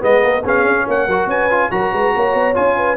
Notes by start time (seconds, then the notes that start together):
0.00 G#3 B3 B4 D#5
0.21 A#3 A#4
0.42 B3 C#4 G#4 F5
0.63 C#4
0.86 A#3 C#5 F#5
1.07 F#3 F#4 A#4
1.26 C#4 B4 G#5
1.50 F4
1.70 F#3 F#4 A#4 A#5
1.92 G#3 B4
2.15 A#3 C#5
2.34 B3
2.54 C#4 F4 G#5
2.76 B4